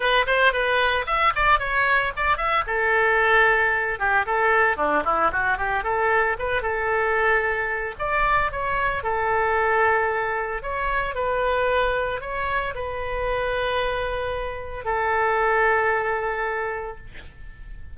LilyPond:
\new Staff \with { instrumentName = "oboe" } { \time 4/4 \tempo 4 = 113 b'8 c''8 b'4 e''8 d''8 cis''4 | d''8 e''8 a'2~ a'8 g'8 | a'4 d'8 e'8 fis'8 g'8 a'4 | b'8 a'2~ a'8 d''4 |
cis''4 a'2. | cis''4 b'2 cis''4 | b'1 | a'1 | }